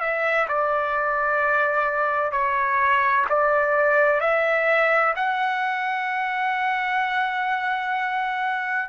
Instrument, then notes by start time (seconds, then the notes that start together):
trumpet
0.00 E5
0.49 D5
2.32 C#5
3.29 D5
4.21 E5
5.16 F#5